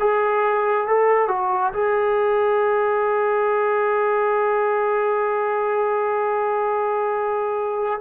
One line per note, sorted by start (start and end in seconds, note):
0.00 0.88 G#4
0.88 1.28 A4
1.28 1.73 F#4
1.73 8.00 G#4